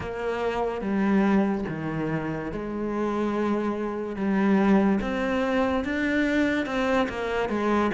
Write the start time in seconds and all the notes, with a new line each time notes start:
0.00 A#3
0.81 G3
1.69 D#3
2.52 G#3
4.16 G3
5.01 C4
5.84 D4
6.66 C4
7.08 A#3
7.49 G#3